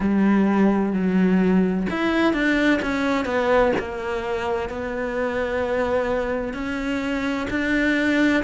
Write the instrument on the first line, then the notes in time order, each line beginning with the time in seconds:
cello
0.00 G3
0.92 F#3
1.90 E4
2.33 D4
2.82 C#4
3.25 B3
3.79 A#3
4.69 B3
6.53 C#4
7.50 D4